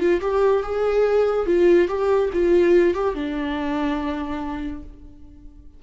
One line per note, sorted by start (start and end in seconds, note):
0.00 0.21 F4
0.22 0.64 G4
0.64 1.47 G#4
1.47 1.89 F4
1.89 2.31 G4
2.34 2.94 F4
2.94 3.15 G4
3.15 4.83 D4